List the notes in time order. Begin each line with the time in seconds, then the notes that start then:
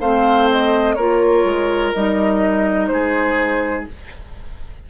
0.00 A3 C4 C5 F5
0.51 D#5
0.94 A#3 F4 A#4 C#5
1.44 G#3
1.93 G3 D#4 D#5
2.87 G#3 G#4 C5